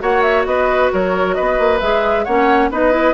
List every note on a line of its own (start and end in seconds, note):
0.00 0.46 A#3
0.00 1.79 F#4
0.00 0.47 C#5
0.00 0.22 F#5
0.22 0.45 E5
0.46 0.91 B3
0.46 0.93 B4
0.46 0.91 D#5
0.93 1.38 F#3
0.93 1.36 A#4
0.93 1.34 C#5
1.34 1.59 B3
1.34 2.25 B4
1.34 1.79 D#5
1.59 1.81 A#3
1.80 2.27 G#3
1.80 2.27 G#4
1.80 2.24 E5
2.25 2.71 A#3
2.25 2.72 C#4
2.25 2.70 C#5
2.25 2.69 F#5
2.71 3.14 B3
2.71 2.92 D#4
2.71 3.14 B4
2.71 3.14 D#5
2.92 3.14 E4